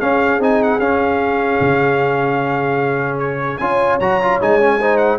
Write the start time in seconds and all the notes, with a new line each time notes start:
0.00 C#4 G#4 F5
0.39 C4 D#4 G#5
0.63 F#5
0.79 C#4 F5
1.61 C#3
3.19 C#5
3.58 C#4 F4 C#5 G#5
4.00 F#3 F#4 A#5
4.22 F4
4.41 G#3 D#4 G#5
4.60 C#4
4.80 D#4 C5
4.97 F#5